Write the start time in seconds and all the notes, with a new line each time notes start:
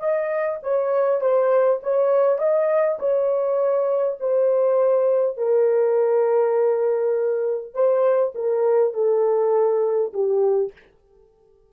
0.00 D#5
0.63 C#5
1.21 C5
1.83 C#5
2.39 D#5
2.99 C#5
4.20 C5
5.38 A#4
7.74 C5
8.35 A#4
8.94 A4
10.13 G4